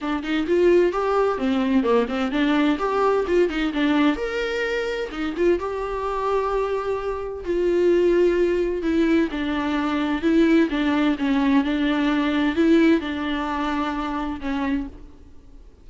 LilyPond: \new Staff \with { instrumentName = "viola" } { \time 4/4 \tempo 4 = 129 d'8 dis'8 f'4 g'4 c'4 | ais8 c'8 d'4 g'4 f'8 dis'8 | d'4 ais'2 dis'8 f'8 | g'1 |
f'2. e'4 | d'2 e'4 d'4 | cis'4 d'2 e'4 | d'2. cis'4 | }